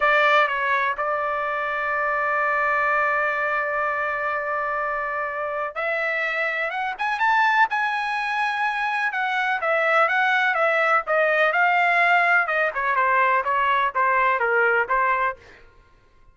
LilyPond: \new Staff \with { instrumentName = "trumpet" } { \time 4/4 \tempo 4 = 125 d''4 cis''4 d''2~ | d''1~ | d''1 | e''2 fis''8 gis''8 a''4 |
gis''2. fis''4 | e''4 fis''4 e''4 dis''4 | f''2 dis''8 cis''8 c''4 | cis''4 c''4 ais'4 c''4 | }